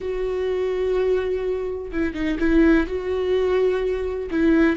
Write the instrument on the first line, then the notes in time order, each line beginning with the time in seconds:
viola
0.00 F#4
1.92 E4
2.14 D#4
2.39 E4
2.86 F#4
4.31 E4